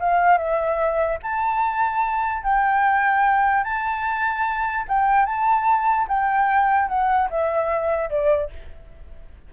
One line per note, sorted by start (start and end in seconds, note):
0.00 0.38 F5
0.38 1.19 E5
1.23 2.43 A5
2.43 3.64 G5
3.64 4.86 A5
4.88 5.26 G5
5.26 6.07 A5
6.08 6.89 G5
6.89 7.29 F#5
7.30 8.10 E5
8.10 8.51 D5